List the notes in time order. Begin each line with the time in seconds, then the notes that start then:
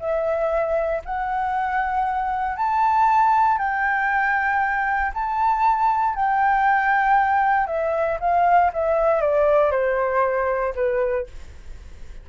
0.00 E5
1.05 F#5
2.57 A5
3.59 G5
5.14 A5
6.16 G5
7.68 E5
8.21 F5
8.74 E5
9.22 D5
9.72 C5
10.76 B4